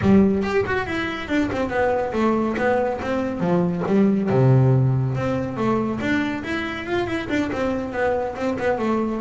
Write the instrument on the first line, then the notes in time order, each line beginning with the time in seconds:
double bass
0.01 G3
0.42 G4
0.65 F#4
0.86 E4
1.28 D4
1.52 C4
1.69 B3
2.12 A3
2.57 B3
3.01 C4
3.40 F3
3.86 G3
4.29 C3
5.15 C4
5.56 A3
6.00 D4
6.43 E4
6.86 F4
7.06 E4
7.29 D4
7.52 C4
7.92 B3
8.36 C4
8.59 B3
8.78 A3